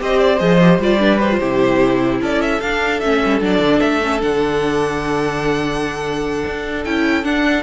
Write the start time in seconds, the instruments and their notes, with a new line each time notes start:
0.00 cello C4, viola G4, violin C5 D#5
0.20 violin D5
0.39 cello F3, viola G#4, violin D#5
0.62 viola G4
0.79 cello G3, viola F4, violin D5
0.99 viola D4, violin B4
1.20 viola G4, violin C5
1.31 viola F4
1.40 cello C3, viola E4, violin G4
2.21 cello C#4, violin A4 D5
2.42 violin E5
2.61 cello D4, viola D4, violin F5
3.00 cello A3, viola C#4, violin E5
3.25 cello G3
3.41 cello F#3, viola D4, violin D5
3.60 cello D3
3.80 cello A3, violin E5
4.03 viola C#4
4.21 cello D3, viola D4, violin F#5
6.47 cello D4
6.85 cello C#4, viola E4, violin G5
7.24 cello D4, viola D4, violin F#5